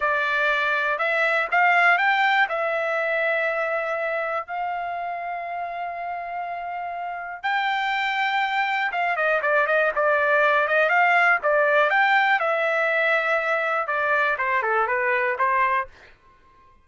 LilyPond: \new Staff \with { instrumentName = "trumpet" } { \time 4/4 \tempo 4 = 121 d''2 e''4 f''4 | g''4 e''2.~ | e''4 f''2.~ | f''2. g''4~ |
g''2 f''8 dis''8 d''8 dis''8 | d''4. dis''8 f''4 d''4 | g''4 e''2. | d''4 c''8 a'8 b'4 c''4 | }